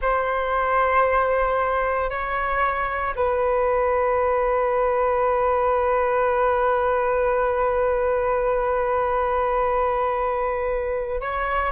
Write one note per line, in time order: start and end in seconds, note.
0.01 2.10 C5
2.10 3.14 C#5
3.15 11.20 B4
11.20 11.71 C#5